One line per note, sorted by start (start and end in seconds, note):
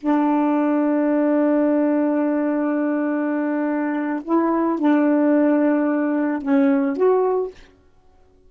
0.00 4.23 D4
4.25 4.79 E4
4.79 6.42 D4
6.42 6.97 C#4
6.97 7.51 F#4